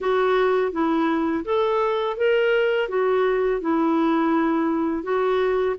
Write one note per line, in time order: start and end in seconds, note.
0.00 0.72 F#4
0.72 1.44 E4
1.45 2.17 A4
2.17 2.88 A#4
2.88 3.60 F#4
3.60 5.03 E4
5.03 5.75 F#4